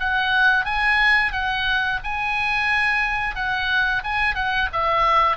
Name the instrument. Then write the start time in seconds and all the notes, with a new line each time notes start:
oboe
0.00 F#5
0.65 G#5
1.32 F#5
2.04 G#5
3.36 F#5
4.04 G#5
4.35 F#5
4.73 E5